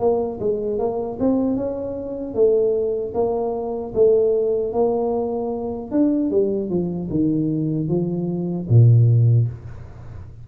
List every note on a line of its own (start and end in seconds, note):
0.00 0.39 A#3
0.41 0.79 G#3
0.79 1.18 A#3
1.20 1.57 C4
1.57 2.35 C#4
2.35 3.14 A3
3.14 3.93 A#3
3.94 4.73 A3
4.73 5.91 A#3
5.92 6.31 D4
6.31 6.70 G3
6.70 7.09 F3
7.10 7.89 D#3
7.89 8.68 F3
8.69 9.48 A#2